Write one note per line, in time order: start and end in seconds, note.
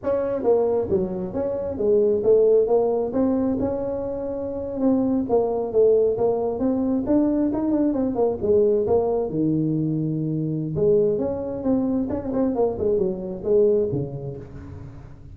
0.03 0.43 C#4
0.43 0.88 A#3
0.90 1.33 F#3
1.33 1.77 C#4
1.77 2.22 G#3
2.23 2.67 A3
2.67 3.12 A#3
3.13 3.57 C4
3.59 4.80 C#4
4.80 5.25 C4
5.29 5.72 A#3
5.72 6.17 A3
6.17 6.59 A#3
6.59 7.04 C4
7.06 7.51 D4
7.53 7.71 D#4
7.71 7.93 D4
7.93 8.15 C4
8.15 8.37 A#3
8.41 8.86 G#3
8.86 9.29 A#3
9.29 10.75 D#3
10.75 11.18 G#3
11.18 11.63 C#4
11.63 12.08 C4
12.09 12.31 C#4
12.33 12.55 C4
12.55 12.77 A#3
12.78 12.98 G#3
12.98 13.42 F#3
13.43 13.88 G#3
13.92 14.36 C#3